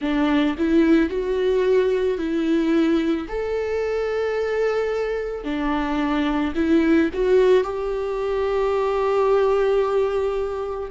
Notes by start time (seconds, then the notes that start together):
0.01 D4
0.58 E4
1.09 F#4
2.18 E4
3.28 A4
5.43 D4
6.55 E4
7.13 F#4
7.63 G4